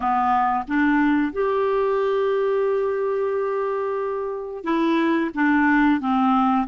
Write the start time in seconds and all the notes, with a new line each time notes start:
0.00 B3
0.67 D4
1.32 G4
4.64 E4
5.34 D4
6.00 C4